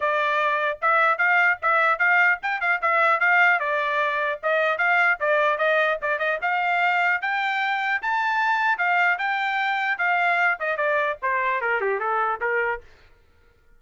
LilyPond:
\new Staff \with { instrumentName = "trumpet" } { \time 4/4 \tempo 4 = 150 d''2 e''4 f''4 | e''4 f''4 g''8 f''8 e''4 | f''4 d''2 dis''4 | f''4 d''4 dis''4 d''8 dis''8 |
f''2 g''2 | a''2 f''4 g''4~ | g''4 f''4. dis''8 d''4 | c''4 ais'8 g'8 a'4 ais'4 | }